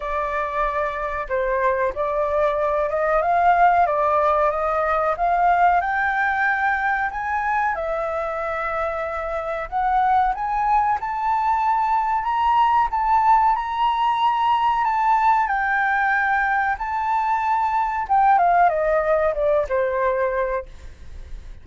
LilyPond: \new Staff \with { instrumentName = "flute" } { \time 4/4 \tempo 4 = 93 d''2 c''4 d''4~ | d''8 dis''8 f''4 d''4 dis''4 | f''4 g''2 gis''4 | e''2. fis''4 |
gis''4 a''2 ais''4 | a''4 ais''2 a''4 | g''2 a''2 | g''8 f''8 dis''4 d''8 c''4. | }